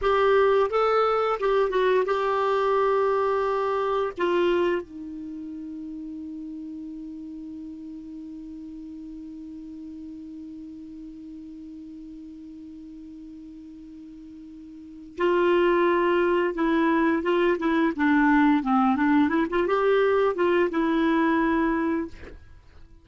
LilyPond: \new Staff \with { instrumentName = "clarinet" } { \time 4/4 \tempo 4 = 87 g'4 a'4 g'8 fis'8 g'4~ | g'2 f'4 dis'4~ | dis'1~ | dis'1~ |
dis'1~ | dis'2 f'2 | e'4 f'8 e'8 d'4 c'8 d'8 | e'16 f'16 g'4 f'8 e'2 | }